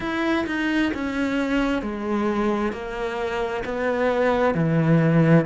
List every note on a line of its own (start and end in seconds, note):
0.00 0.45 E4
0.46 0.91 D#4
0.94 1.81 C#4
1.81 2.72 G#3
2.72 3.63 A#3
3.64 4.54 B3
4.54 5.45 E3